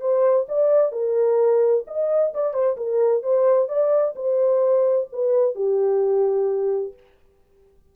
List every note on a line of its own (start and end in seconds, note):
0.00 0.46 C5
0.48 0.92 D5
0.92 1.84 A#4
1.87 2.33 D#5
2.33 2.53 D5
2.53 2.76 C5
2.77 3.22 A#4
3.22 3.68 C5
3.68 4.14 D5
4.15 5.07 C5
5.12 5.55 B4
5.55 6.93 G4